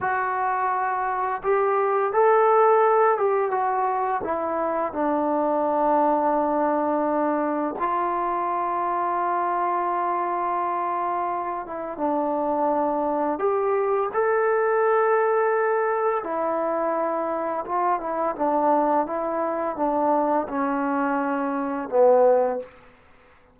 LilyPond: \new Staff \with { instrumentName = "trombone" } { \time 4/4 \tempo 4 = 85 fis'2 g'4 a'4~ | a'8 g'8 fis'4 e'4 d'4~ | d'2. f'4~ | f'1~ |
f'8 e'8 d'2 g'4 | a'2. e'4~ | e'4 f'8 e'8 d'4 e'4 | d'4 cis'2 b4 | }